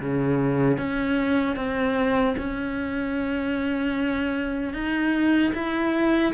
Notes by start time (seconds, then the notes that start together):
0.00 C#3
0.78 C#4
1.56 C4
2.38 C#4
4.73 D#4
5.54 E4